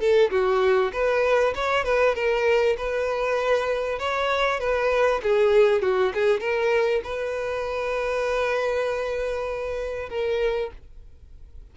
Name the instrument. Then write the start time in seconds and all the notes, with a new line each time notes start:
violin
0.00 A4
0.31 F#4
0.93 B4
1.56 C#5
1.85 B4
2.16 A#4
2.78 B4
4.00 C#5
4.60 B4
5.23 G#4
5.82 F#4
6.15 G#4
6.41 A#4
7.04 B4
10.10 A#4